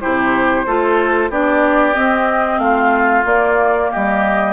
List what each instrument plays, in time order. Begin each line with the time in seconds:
0.00 bassoon C3, clarinet E4, oboe G4, flute C5
0.66 bassoon A3, clarinet F4, oboe A4
1.29 bassoon B3, clarinet D4, oboe G4, flute D5
1.93 clarinet C4, bassoon C4, flute D#5
2.58 bassoon A3, oboe F4, flute F5
3.24 bassoon A#3, clarinet A#3, flute D5
3.91 bassoon G3, oboe G4, flute D#5